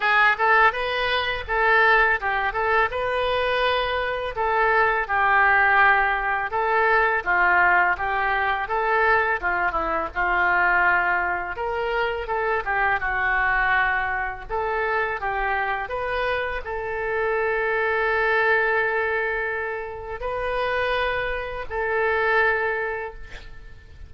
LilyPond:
\new Staff \with { instrumentName = "oboe" } { \time 4/4 \tempo 4 = 83 gis'8 a'8 b'4 a'4 g'8 a'8 | b'2 a'4 g'4~ | g'4 a'4 f'4 g'4 | a'4 f'8 e'8 f'2 |
ais'4 a'8 g'8 fis'2 | a'4 g'4 b'4 a'4~ | a'1 | b'2 a'2 | }